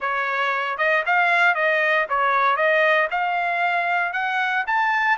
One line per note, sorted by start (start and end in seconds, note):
0.00 0.77 C#5
0.77 1.03 D#5
1.06 1.54 F5
1.54 2.06 D#5
2.09 2.56 C#5
2.56 3.08 D#5
3.10 4.12 F5
4.12 4.64 F#5
4.66 5.17 A5